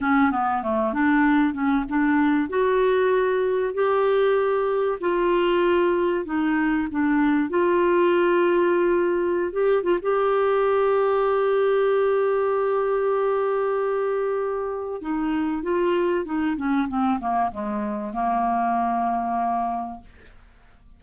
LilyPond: \new Staff \with { instrumentName = "clarinet" } { \time 4/4 \tempo 4 = 96 cis'8 b8 a8 d'4 cis'8 d'4 | fis'2 g'2 | f'2 dis'4 d'4 | f'2.~ f'16 g'8 f'16 |
g'1~ | g'1 | dis'4 f'4 dis'8 cis'8 c'8 ais8 | gis4 ais2. | }